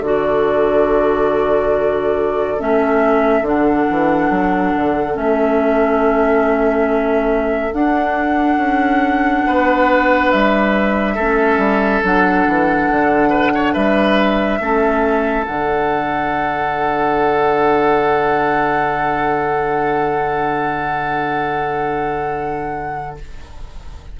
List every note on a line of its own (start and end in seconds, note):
0.00 2.58 D3
0.00 2.59 F#4
0.00 9.43 A4
0.00 2.61 D5
2.59 3.42 A3
2.59 3.45 C#4
2.59 3.46 E5
3.42 3.85 D3
3.42 5.14 D4
3.42 5.17 F#5
3.90 4.31 E3
4.31 4.73 F#3
4.77 5.17 D3
5.14 7.73 A3
5.14 7.71 C#4
5.14 7.74 E5
7.73 8.57 D4
7.73 11.17 D4
7.73 10.31 F#5
8.57 9.43 C#4
9.47 10.34 B3
9.47 11.15 B4
10.32 11.17 G3
10.32 12.03 E5
11.15 11.58 A3
11.15 12.04 C#4
11.15 13.30 A4
11.58 12.01 G3
12.04 12.46 F#3
12.04 14.61 D4
12.04 13.74 F#5
12.48 12.91 E3
12.91 13.76 D3
13.30 13.52 B4
13.55 13.74 C#5
13.74 14.60 G3
13.74 14.59 B4
13.74 15.45 E5
14.60 15.46 A3
14.60 15.46 C#4
14.60 23.19 A4
15.46 23.20 D3
15.46 23.17 D4
15.46 23.18 F#5